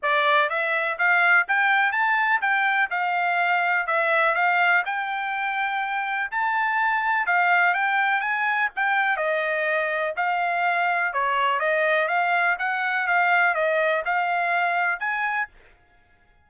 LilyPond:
\new Staff \with { instrumentName = "trumpet" } { \time 4/4 \tempo 4 = 124 d''4 e''4 f''4 g''4 | a''4 g''4 f''2 | e''4 f''4 g''2~ | g''4 a''2 f''4 |
g''4 gis''4 g''4 dis''4~ | dis''4 f''2 cis''4 | dis''4 f''4 fis''4 f''4 | dis''4 f''2 gis''4 | }